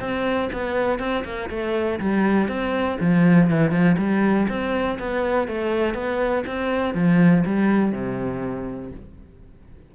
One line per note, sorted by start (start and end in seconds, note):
0.00 0.50 C4
0.53 1.00 B3
1.00 1.24 C4
1.25 1.50 A#3
1.50 2.00 A3
2.00 2.49 G3
2.49 2.98 C4
3.01 3.50 F3
3.50 3.71 E3
3.71 3.96 F3
3.98 4.48 G3
4.49 4.99 C4
4.99 5.48 B3
5.48 5.95 A3
5.95 6.44 B3
6.47 6.94 C4
6.94 7.44 F3
7.46 7.92 G3
7.92 8.92 C3